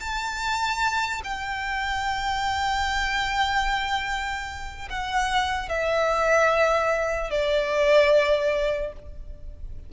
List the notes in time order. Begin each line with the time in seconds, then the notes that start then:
0.00 A5
1.24 G5
4.89 F#5
5.69 E5
7.30 D5